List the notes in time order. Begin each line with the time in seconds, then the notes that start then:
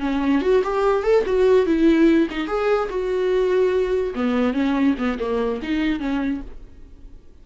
0.00 C#4
0.41 F#4
0.63 G4
1.03 A4
1.26 F#4
1.66 E4
2.30 D#4
2.47 G#4
2.89 F#4
4.15 B3
4.53 C#4
4.98 B3
5.19 A#3
5.62 D#4
5.99 C#4